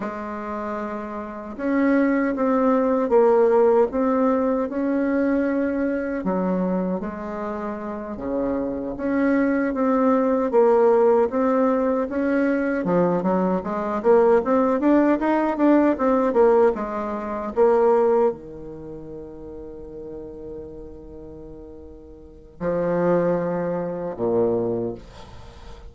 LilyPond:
\new Staff \with { instrumentName = "bassoon" } { \time 4/4 \tempo 4 = 77 gis2 cis'4 c'4 | ais4 c'4 cis'2 | fis4 gis4. cis4 cis'8~ | cis'8 c'4 ais4 c'4 cis'8~ |
cis'8 f8 fis8 gis8 ais8 c'8 d'8 dis'8 | d'8 c'8 ais8 gis4 ais4 dis8~ | dis1~ | dis4 f2 ais,4 | }